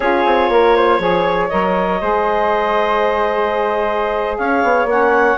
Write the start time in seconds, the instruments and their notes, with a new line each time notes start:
0.00 bassoon C#4, saxophone F4, flute G#4, clarinet C#5
0.25 bassoon C4
0.49 bassoon A#3, flute A#4
0.76 flute C5
0.98 bassoon F3, saxophone G#4, flute C#5
1.48 bassoon F#3, saxophone A#4, clarinet D#5
2.00 bassoon G#3, saxophone G#4, flute C5
4.37 bassoon C#4, flute C#5, clarinet F5
4.63 bassoon B3
4.85 bassoon A#3, saxophone C#4, clarinet F#5